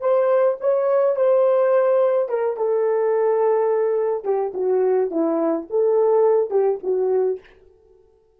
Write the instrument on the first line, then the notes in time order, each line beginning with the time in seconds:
horn
0.00 C5
0.60 C#5
1.16 C5
2.28 A#4
2.57 A4
4.24 G4
4.54 F#4
5.10 E4
5.70 A4
6.50 G4
6.83 F#4